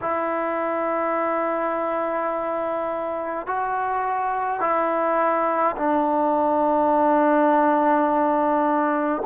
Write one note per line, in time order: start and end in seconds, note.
0.01 3.46 E4
3.46 4.60 F#4
4.60 5.75 E4
5.76 9.22 D4